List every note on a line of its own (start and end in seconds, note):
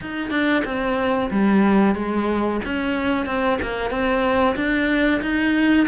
0.01 0.30 D#4
0.30 0.63 D4
0.64 1.30 C4
1.30 1.95 G3
1.95 2.60 G#3
2.64 3.25 C#4
3.25 3.58 C4
3.62 3.90 A#3
3.90 4.55 C4
4.56 5.21 D4
5.21 5.86 D#4